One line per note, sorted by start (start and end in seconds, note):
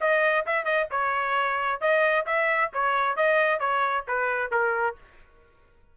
0.00 0.45 D#5
0.46 0.64 E5
0.64 0.87 D#5
0.90 1.80 C#5
1.80 2.25 D#5
2.26 2.71 E5
2.73 3.16 C#5
3.16 3.59 D#5
3.59 4.04 C#5
4.07 4.51 B4
4.51 4.96 A#4